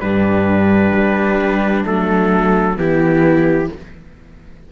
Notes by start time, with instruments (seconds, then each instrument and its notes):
0.00 cello G2, horn G3, viola D4, trumpet B4
0.92 cello G3
1.82 cello F#3, horn A3, trumpet A4
2.76 cello E3, horn B3, viola E4, trumpet G4